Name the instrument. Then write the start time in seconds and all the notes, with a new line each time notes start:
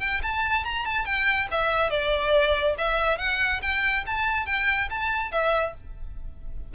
violin
0.00 G5
0.23 A5
0.64 A#5
0.85 A5
1.05 G5
1.51 E5
1.90 D5
2.78 E5
3.18 F#5
3.62 G5
4.07 A5
4.46 G5
4.90 A5
5.32 E5